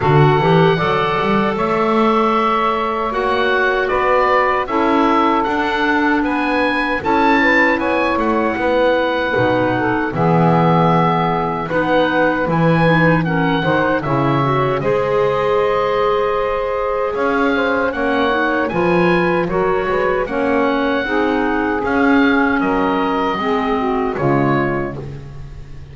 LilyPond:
<<
  \new Staff \with { instrumentName = "oboe" } { \time 4/4 \tempo 4 = 77 fis''2 e''2 | fis''4 d''4 e''4 fis''4 | gis''4 a''4 gis''8 fis''4.~ | fis''4 e''2 fis''4 |
gis''4 fis''4 e''4 dis''4~ | dis''2 f''4 fis''4 | gis''4 cis''4 fis''2 | f''4 dis''2 cis''4 | }
  \new Staff \with { instrumentName = "saxophone" } { \time 4/4 a'4 d''4 cis''2~ | cis''4 b'4 a'2 | b'4 a'8 b'8 cis''4 b'4~ | b'8 a'8 gis'2 b'4~ |
b'4 ais'8 c''8 cis''4 c''4~ | c''2 cis''8 c''8 cis''4 | b'4 ais'8 b'8 cis''4 gis'4~ | gis'4 ais'4 gis'8 fis'8 f'4 | }
  \new Staff \with { instrumentName = "clarinet" } { \time 4/4 fis'8 g'8 a'2. | fis'2 e'4 d'4~ | d'4 e'2. | dis'4 b2 dis'4 |
e'8 dis'8 cis'8 dis'8 e'8 fis'8 gis'4~ | gis'2. cis'8 dis'8 | f'4 fis'4 cis'4 dis'4 | cis'2 c'4 gis4 | }
  \new Staff \with { instrumentName = "double bass" } { \time 4/4 d8 e8 fis8 g8 a2 | ais4 b4 cis'4 d'4 | b4 cis'4 b8 a8 b4 | b,4 e2 b4 |
e4. dis8 cis4 gis4~ | gis2 cis'4 ais4 | f4 fis8 gis8 ais4 c'4 | cis'4 fis4 gis4 cis4 | }
>>